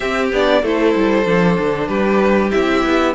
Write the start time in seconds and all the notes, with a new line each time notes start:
0.00 C4 G4 E5
0.31 B3 D4 D5
0.62 A3 E4 A4 C5
0.95 G3
1.25 F3 D4
1.58 D3
1.87 G3 G4 B4
2.51 C4 E4 E5
2.85 B3